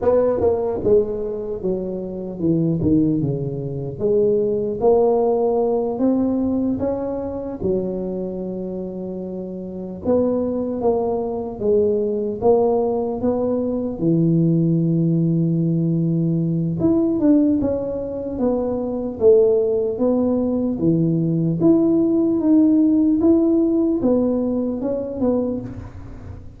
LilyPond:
\new Staff \with { instrumentName = "tuba" } { \time 4/4 \tempo 4 = 75 b8 ais8 gis4 fis4 e8 dis8 | cis4 gis4 ais4. c'8~ | c'8 cis'4 fis2~ fis8~ | fis8 b4 ais4 gis4 ais8~ |
ais8 b4 e2~ e8~ | e4 e'8 d'8 cis'4 b4 | a4 b4 e4 e'4 | dis'4 e'4 b4 cis'8 b8 | }